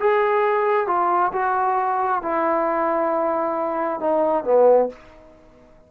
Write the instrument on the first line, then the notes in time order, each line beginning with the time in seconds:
trombone
0.00 G#4
0.87 F4
1.33 F#4
2.23 E4
4.00 D#4
4.45 B3